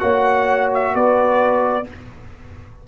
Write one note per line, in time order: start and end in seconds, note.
0.00 0.95 A#3
0.00 1.85 F#4
0.00 0.94 C#5
0.00 0.69 F#5
0.75 0.96 E5
0.95 1.87 B3
0.95 1.88 B4
0.95 1.88 D5